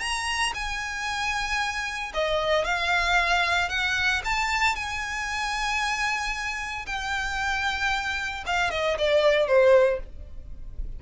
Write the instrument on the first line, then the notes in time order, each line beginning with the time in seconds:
violin
0.00 A#5
0.54 G#5
2.14 D#5
2.65 F5
3.69 F#5
4.25 A5
4.75 G#5
6.86 G5
8.46 F5
8.71 D#5
8.98 D5
9.47 C5